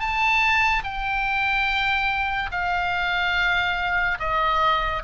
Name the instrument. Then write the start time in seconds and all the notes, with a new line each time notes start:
oboe
0.00 A5
0.84 G5
2.52 F5
4.19 D#5